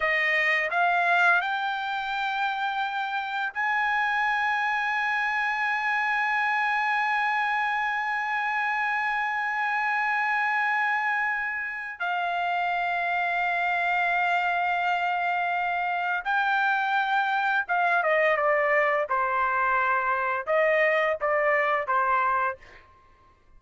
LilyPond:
\new Staff \with { instrumentName = "trumpet" } { \time 4/4 \tempo 4 = 85 dis''4 f''4 g''2~ | g''4 gis''2.~ | gis''1~ | gis''1~ |
gis''4 f''2.~ | f''2. g''4~ | g''4 f''8 dis''8 d''4 c''4~ | c''4 dis''4 d''4 c''4 | }